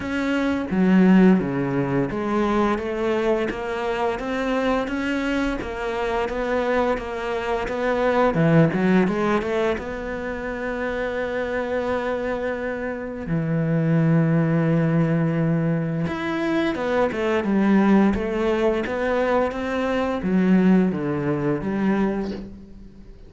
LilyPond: \new Staff \with { instrumentName = "cello" } { \time 4/4 \tempo 4 = 86 cis'4 fis4 cis4 gis4 | a4 ais4 c'4 cis'4 | ais4 b4 ais4 b4 | e8 fis8 gis8 a8 b2~ |
b2. e4~ | e2. e'4 | b8 a8 g4 a4 b4 | c'4 fis4 d4 g4 | }